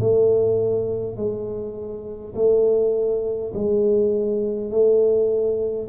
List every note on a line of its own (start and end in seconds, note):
0.00 1.17 A3
1.17 2.34 G#3
2.35 3.52 A3
3.53 4.71 G#3
4.71 5.88 A3